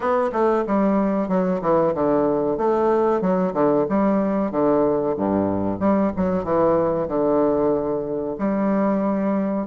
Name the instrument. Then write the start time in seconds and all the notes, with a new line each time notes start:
bassoon
0.00 B3
0.32 A3
0.66 G3
1.28 F#3
1.61 E3
1.94 D3
2.57 A3
3.21 F#3
3.53 D3
3.89 G3
4.51 D3
5.16 G2
5.79 G3
6.16 F#3
6.43 E3
7.08 D3
8.38 G3